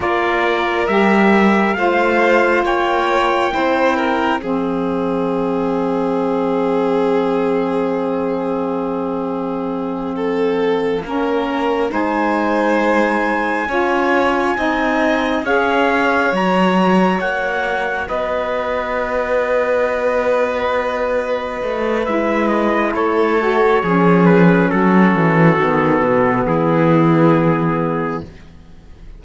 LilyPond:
<<
  \new Staff \with { instrumentName = "trumpet" } { \time 4/4 \tempo 4 = 68 d''4 e''4 f''4 g''4~ | g''4 f''2.~ | f''1~ | f''4. gis''2~ gis''8~ |
gis''4. f''4 ais''4 fis''8~ | fis''8 dis''2.~ dis''8~ | dis''4 e''8 dis''8 cis''4. b'8 | a'2 gis'2 | }
  \new Staff \with { instrumentName = "violin" } { \time 4/4 ais'2 c''4 cis''4 | c''8 ais'8 gis'2.~ | gis'2.~ gis'8 a'8~ | a'8 ais'4 c''2 cis''8~ |
cis''8 dis''4 cis''2~ cis''8~ | cis''8 b'2.~ b'8~ | b'2 a'4 gis'4 | fis'2 e'2 | }
  \new Staff \with { instrumentName = "saxophone" } { \time 4/4 f'4 g'4 f'2 | e'4 c'2.~ | c'1~ | c'8 cis'4 dis'2 f'8~ |
f'8 dis'4 gis'4 fis'4.~ | fis'1~ | fis'4 e'4. fis'8 cis'4~ | cis'4 b2. | }
  \new Staff \with { instrumentName = "cello" } { \time 4/4 ais4 g4 a4 ais4 | c'4 f2.~ | f1~ | f8 ais4 gis2 cis'8~ |
cis'8 c'4 cis'4 fis4 ais8~ | ais8 b2.~ b8~ | b8 a8 gis4 a4 f4 | fis8 e8 dis8 b,8 e2 | }
>>